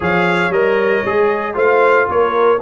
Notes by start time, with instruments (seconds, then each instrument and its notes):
0.00 tuba F3, trombone G#4, horn C#5, trumpet F5
0.49 tuba G3, trombone A#4, trumpet D#5
1.05 tuba G#3, trombone G#4
1.53 tuba A3, trombone F4, horn C5, trumpet F5
2.08 tuba A#3, horn A#4, trumpet C#5